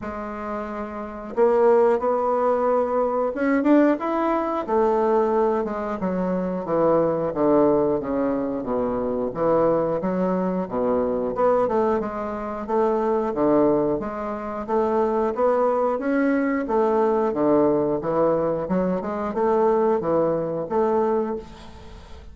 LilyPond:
\new Staff \with { instrumentName = "bassoon" } { \time 4/4 \tempo 4 = 90 gis2 ais4 b4~ | b4 cis'8 d'8 e'4 a4~ | a8 gis8 fis4 e4 d4 | cis4 b,4 e4 fis4 |
b,4 b8 a8 gis4 a4 | d4 gis4 a4 b4 | cis'4 a4 d4 e4 | fis8 gis8 a4 e4 a4 | }